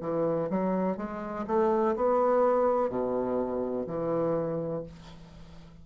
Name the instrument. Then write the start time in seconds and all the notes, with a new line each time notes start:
bassoon
0.00 E3
0.50 F#3
0.97 G#3
1.46 A3
1.95 B3
2.89 B2
3.86 E3